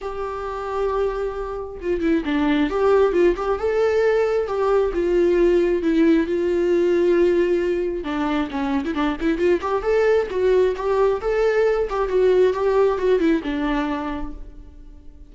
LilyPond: \new Staff \with { instrumentName = "viola" } { \time 4/4 \tempo 4 = 134 g'1 | f'8 e'8 d'4 g'4 f'8 g'8 | a'2 g'4 f'4~ | f'4 e'4 f'2~ |
f'2 d'4 cis'8. e'16 | d'8 e'8 f'8 g'8 a'4 fis'4 | g'4 a'4. g'8 fis'4 | g'4 fis'8 e'8 d'2 | }